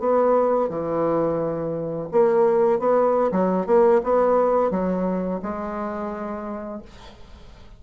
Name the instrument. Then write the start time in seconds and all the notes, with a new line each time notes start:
bassoon
0.00 B3
0.70 E3
2.12 A#3
2.80 B3
3.32 F#3
3.67 A#3
4.04 B3
4.71 F#3
5.43 G#3